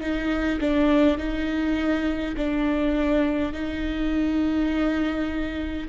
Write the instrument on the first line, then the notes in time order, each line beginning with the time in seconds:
viola
0.00 D#4
0.60 D4
1.17 D#4
2.36 D4
3.52 D#4